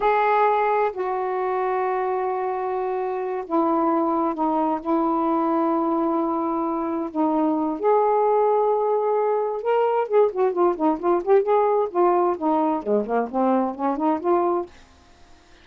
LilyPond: \new Staff \with { instrumentName = "saxophone" } { \time 4/4 \tempo 4 = 131 gis'2 fis'2~ | fis'2.~ fis'8 e'8~ | e'4. dis'4 e'4.~ | e'2.~ e'8 dis'8~ |
dis'4 gis'2.~ | gis'4 ais'4 gis'8 fis'8 f'8 dis'8 | f'8 g'8 gis'4 f'4 dis'4 | gis8 ais8 c'4 cis'8 dis'8 f'4 | }